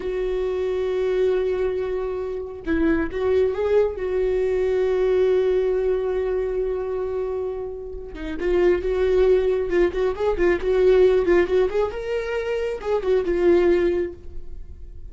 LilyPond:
\new Staff \with { instrumentName = "viola" } { \time 4/4 \tempo 4 = 136 fis'1~ | fis'2 e'4 fis'4 | gis'4 fis'2.~ | fis'1~ |
fis'2~ fis'8 dis'8 f'4 | fis'2 f'8 fis'8 gis'8 f'8 | fis'4. f'8 fis'8 gis'8 ais'4~ | ais'4 gis'8 fis'8 f'2 | }